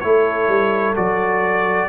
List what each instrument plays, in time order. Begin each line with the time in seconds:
0.00 tuba A3, trombone E4, horn A4, trumpet C#5
0.48 tuba G3
0.96 tuba F#3, trombone F#4, trumpet D5